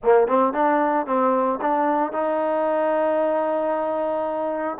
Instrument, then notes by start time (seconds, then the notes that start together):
trombone
0.03 A#3
0.27 C4
0.53 D4
1.06 C4
1.61 D4
2.12 D#4